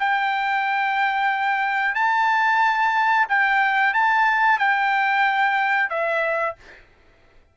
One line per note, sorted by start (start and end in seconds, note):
0.00 1.95 G5
1.95 3.27 A5
3.29 3.94 G5
3.94 4.59 A5
4.59 5.90 G5
5.90 6.56 E5